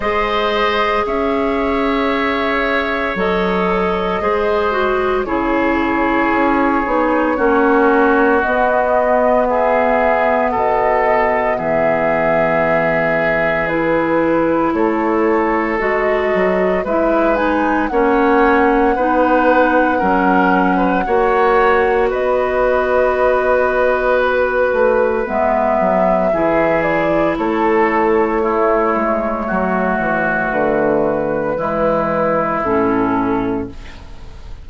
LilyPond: <<
  \new Staff \with { instrumentName = "flute" } { \time 4/4 \tempo 4 = 57 dis''4 e''2 dis''4~ | dis''4 cis''2. | dis''4 e''4 dis''4 e''4~ | e''4 b'4 cis''4 dis''4 |
e''8 gis''8 fis''2.~ | fis''4 dis''2 b'4 | e''4. d''8 cis''2~ | cis''4 b'2 a'4 | }
  \new Staff \with { instrumentName = "oboe" } { \time 4/4 c''4 cis''2. | c''4 gis'2 fis'4~ | fis'4 gis'4 a'4 gis'4~ | gis'2 a'2 |
b'4 cis''4 b'4 ais'8. b'16 | cis''4 b'2.~ | b'4 gis'4 a'4 e'4 | fis'2 e'2 | }
  \new Staff \with { instrumentName = "clarinet" } { \time 4/4 gis'2. a'4 | gis'8 fis'8 e'4. dis'8 cis'4 | b1~ | b4 e'2 fis'4 |
e'8 dis'8 cis'4 dis'4 cis'4 | fis'1 | b4 e'2 a4~ | a2 gis4 cis'4 | }
  \new Staff \with { instrumentName = "bassoon" } { \time 4/4 gis4 cis'2 fis4 | gis4 cis4 cis'8 b8 ais4 | b2 b,4 e4~ | e2 a4 gis8 fis8 |
gis4 ais4 b4 fis4 | ais4 b2~ b8 a8 | gis8 fis8 e4 a4. gis8 | fis8 e8 d4 e4 a,4 | }
>>